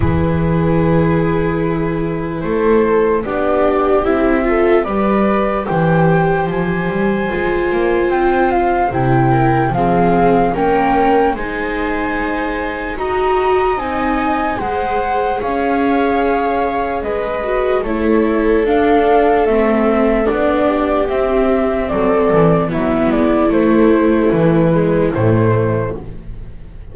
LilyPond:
<<
  \new Staff \with { instrumentName = "flute" } { \time 4/4 \tempo 4 = 74 b'2. c''4 | d''4 e''4 d''4 g''4 | gis''2 g''8 f''8 g''4 | f''4 g''4 gis''2 |
ais''4 gis''4 fis''4 f''4~ | f''4 dis''4 cis''4 f''4 | e''4 d''4 e''4 d''4 | e''8 d''8 c''4 b'4 c''4 | }
  \new Staff \with { instrumentName = "viola" } { \time 4/4 gis'2. a'4 | g'4. a'8 b'4 c''4~ | c''2.~ c''8 ais'8 | gis'4 ais'4 c''2 |
dis''2 c''4 cis''4~ | cis''4 b'4 a'2~ | a'4. g'4. a'4 | e'1 | }
  \new Staff \with { instrumentName = "viola" } { \time 4/4 e'1 | d'4 e'8 f'8 g'2~ | g'4 f'2 e'4 | c'4 cis'4 dis'2 |
fis'4 dis'4 gis'2~ | gis'4. fis'8 e'4 d'4 | c'4 d'4 c'2 | b4 a4. gis8 a4 | }
  \new Staff \with { instrumentName = "double bass" } { \time 4/4 e2. a4 | b4 c'4 g4 e4 | f8 g8 gis8 ais8 c'4 c4 | f4 ais4 gis2 |
dis'4 c'4 gis4 cis'4~ | cis'4 gis4 a4 d'4 | a4 b4 c'4 fis8 e8 | fis8 gis8 a4 e4 a,4 | }
>>